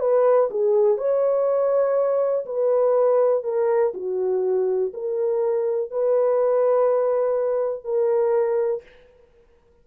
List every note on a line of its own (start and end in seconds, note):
0.00 0.49 B4
0.51 0.98 G#4
0.98 2.45 C#5
2.46 3.44 B4
3.44 3.93 A#4
3.94 4.93 F#4
4.94 5.91 A#4
5.91 7.84 B4
7.84 8.83 A#4